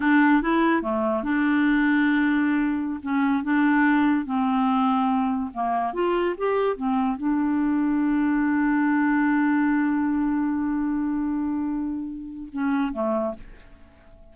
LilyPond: \new Staff \with { instrumentName = "clarinet" } { \time 4/4 \tempo 4 = 144 d'4 e'4 a4 d'4~ | d'2.~ d'16 cis'8.~ | cis'16 d'2 c'4.~ c'16~ | c'4~ c'16 ais4 f'4 g'8.~ |
g'16 c'4 d'2~ d'8.~ | d'1~ | d'1~ | d'2 cis'4 a4 | }